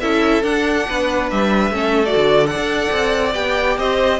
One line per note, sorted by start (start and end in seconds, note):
0.00 0.43 C#4
0.00 0.43 E4
0.00 0.87 A4
0.00 0.43 E5
0.43 1.72 D4
0.43 0.86 D4
0.43 1.29 F#5
0.88 1.31 B3
0.88 1.74 B4
1.30 1.70 G3
1.30 2.05 E5
1.70 2.13 A3
1.70 2.04 C#4
1.70 2.50 A4
2.05 2.46 F#4
2.05 2.46 D5
2.16 2.56 D3
2.46 3.32 A4
2.46 3.79 D5
2.46 3.33 F#5
2.56 2.88 D4
2.92 3.35 C4
3.34 3.78 B3
3.34 4.19 G4
3.34 3.77 G5
3.78 4.19 C4
3.78 4.19 C5
3.78 4.19 D#5